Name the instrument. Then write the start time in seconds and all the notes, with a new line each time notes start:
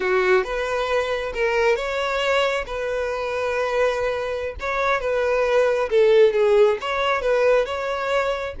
violin
0.00 F#4
0.43 B4
1.34 A#4
1.76 C#5
2.66 B4
4.59 C#5
5.00 B4
5.89 A4
6.33 G#4
6.80 C#5
7.21 B4
7.65 C#5